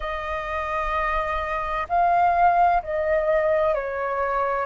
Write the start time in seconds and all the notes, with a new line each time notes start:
0.00 D#5
1.88 F5
2.82 D#5
3.74 C#5